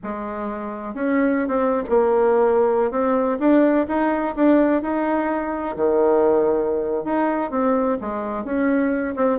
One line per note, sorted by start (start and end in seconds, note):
0.03 0.94 G#3
0.94 1.47 C#4
1.47 1.83 C4
1.89 2.91 A#3
2.91 3.37 C4
3.39 3.86 D4
3.88 4.34 D#4
4.35 4.82 D4
4.82 5.75 D#4
5.76 7.04 D#3
7.04 7.50 D#4
7.50 7.97 C4
8.00 8.44 G#3
8.44 9.14 C#4
9.16 9.38 C4